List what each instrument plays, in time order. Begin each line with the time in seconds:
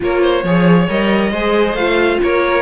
0.00 cello A#3, viola F4, violin A#4 C#5
0.22 violin C5
0.43 cello F3, viola G#4, violin C#5
0.88 cello G3, viola A#4, violin D#5
1.31 cello G#3, viola G#4, violin C5
1.73 cello A3, viola F4, violin F5
2.22 cello A#3, violin A#4 C#5